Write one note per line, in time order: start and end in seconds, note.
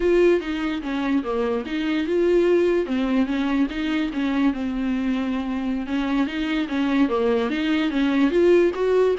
0.00 0.40 F4
0.40 0.81 D#4
0.82 1.23 C#4
1.23 1.64 A#3
1.66 2.07 D#4
2.07 2.86 F4
2.86 3.26 C4
3.26 3.67 C#4
3.69 4.11 D#4
4.13 4.53 C#4
4.53 5.86 C4
5.86 6.26 C#4
6.26 6.67 D#4
6.68 7.08 C#4
7.08 7.49 A#3
7.50 7.90 D#4
7.90 8.30 C#4
8.30 8.71 F4
8.74 9.15 F#4